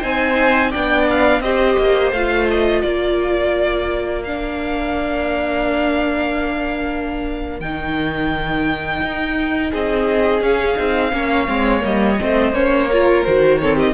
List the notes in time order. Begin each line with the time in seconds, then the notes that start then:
0.00 C4 D#4 C5 G#5
0.71 B3 D4 D5 G5
1.10 F5
1.41 C4 G4 C5 D#5
1.79 A#3
2.12 A3 F4 F5
2.50 D#5
2.82 A#3 A#4 D5
4.25 D4 F5
7.60 D#3 D#4 G5
9.03 D#4
9.72 C4 G#4 D#5
10.42 C#4 F5
10.76 C4 D#4
11.13 A#3 C#4 C#5
11.48 G#3 C4
11.81 G3 A#3 D#5
12.20 A3 C4 C5
12.53 A#3 C#4 C#5
12.89 F4 A#4
13.24 D#3 F#4 C5
13.59 C4 A4 C#5
13.76 G4 D#5